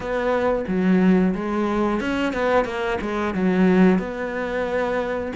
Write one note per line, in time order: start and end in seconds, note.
0.00 0.65 B3
0.67 1.34 F#3
1.34 2.00 G#3
2.00 2.33 C#4
2.33 2.65 B3
2.65 2.98 A#3
3.01 3.34 G#3
3.34 3.98 F#3
3.98 5.32 B3